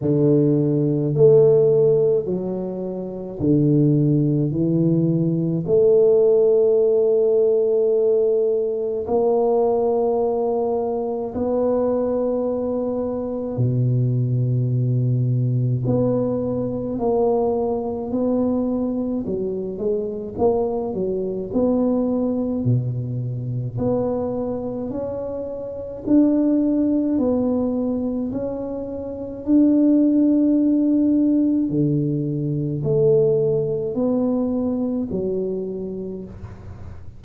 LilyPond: \new Staff \with { instrumentName = "tuba" } { \time 4/4 \tempo 4 = 53 d4 a4 fis4 d4 | e4 a2. | ais2 b2 | b,2 b4 ais4 |
b4 fis8 gis8 ais8 fis8 b4 | b,4 b4 cis'4 d'4 | b4 cis'4 d'2 | d4 a4 b4 fis4 | }